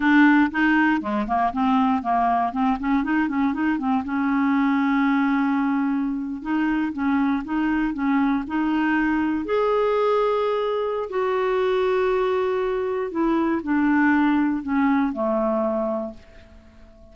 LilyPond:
\new Staff \with { instrumentName = "clarinet" } { \time 4/4 \tempo 4 = 119 d'4 dis'4 gis8 ais8 c'4 | ais4 c'8 cis'8 dis'8 cis'8 dis'8 c'8 | cis'1~ | cis'8. dis'4 cis'4 dis'4 cis'16~ |
cis'8. dis'2 gis'4~ gis'16~ | gis'2 fis'2~ | fis'2 e'4 d'4~ | d'4 cis'4 a2 | }